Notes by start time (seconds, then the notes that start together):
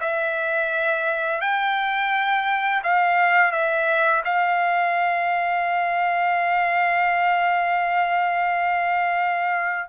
0.00 E5
1.41 G5
2.83 F5
3.52 E5
4.24 F5